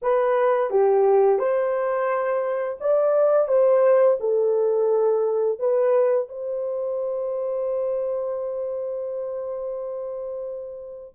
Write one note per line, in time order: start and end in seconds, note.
0.02 0.70 B4
0.70 1.38 G4
1.38 2.78 C5
2.80 3.48 D5
3.48 4.17 C5
4.20 5.59 A4
5.59 6.28 B4
6.28 11.15 C5